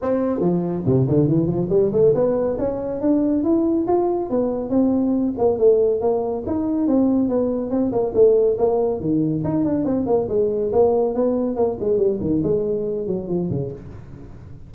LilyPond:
\new Staff \with { instrumentName = "tuba" } { \time 4/4 \tempo 4 = 140 c'4 f4 c8 d8 e8 f8 | g8 a8 b4 cis'4 d'4 | e'4 f'4 b4 c'4~ | c'8 ais8 a4 ais4 dis'4 |
c'4 b4 c'8 ais8 a4 | ais4 dis4 dis'8 d'8 c'8 ais8 | gis4 ais4 b4 ais8 gis8 | g8 dis8 gis4. fis8 f8 cis8 | }